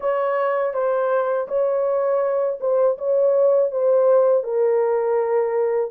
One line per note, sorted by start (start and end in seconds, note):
0.00 0.73 C#5
0.73 1.47 C5
1.48 2.59 C#5
2.60 2.97 C5
2.98 3.71 C#5
3.71 4.43 C5
4.43 5.91 A#4